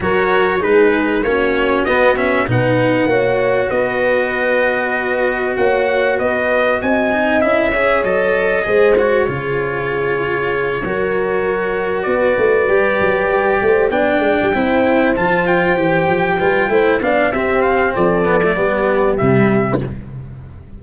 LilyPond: <<
  \new Staff \with { instrumentName = "trumpet" } { \time 4/4 \tempo 4 = 97 cis''4 b'4 cis''4 dis''8 e''8 | fis''2 dis''2~ | dis''4 fis''4 dis''4 gis''4 | e''4 dis''4. cis''4.~ |
cis''2.~ cis''8 d''8~ | d''2~ d''8 g''4.~ | g''8 a''8 g''2~ g''8 f''8 | e''8 f''8 d''2 e''4 | }
  \new Staff \with { instrumentName = "horn" } { \time 4/4 ais'4 gis'4 fis'2 | b'4 cis''4 b'2~ | b'4 cis''4 b'4 dis''4~ | dis''8 cis''4. c''4 gis'4~ |
gis'4. ais'2 b'8~ | b'2 c''8 d''4 c''8~ | c''2~ c''8 b'8 c''8 d''8 | g'4 a'4 g'2 | }
  \new Staff \with { instrumentName = "cello" } { \time 4/4 fis'4 dis'4 cis'4 b8 cis'8 | dis'4 fis'2.~ | fis'2.~ fis'8 dis'8 | e'8 gis'8 a'4 gis'8 fis'8 f'4~ |
f'4. fis'2~ fis'8~ | fis'8 g'2 d'4 e'8~ | e'8 f'4 g'4 f'8 e'8 d'8 | c'4. b16 a16 b4 g4 | }
  \new Staff \with { instrumentName = "tuba" } { \time 4/4 fis4 gis4 ais4 b4 | b,4 ais4 b2~ | b4 ais4 b4 c'4 | cis'4 fis4 gis4 cis4~ |
cis4. fis2 b8 | a8 g8 fis8 g8 a8 b8 gis16 g16 c'8~ | c'8 f4 e8 f8 g8 a8 b8 | c'4 f4 g4 c4 | }
>>